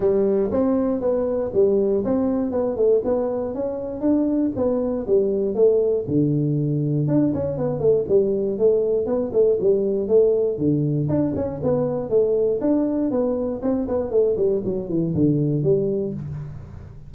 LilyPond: \new Staff \with { instrumentName = "tuba" } { \time 4/4 \tempo 4 = 119 g4 c'4 b4 g4 | c'4 b8 a8 b4 cis'4 | d'4 b4 g4 a4 | d2 d'8 cis'8 b8 a8 |
g4 a4 b8 a8 g4 | a4 d4 d'8 cis'8 b4 | a4 d'4 b4 c'8 b8 | a8 g8 fis8 e8 d4 g4 | }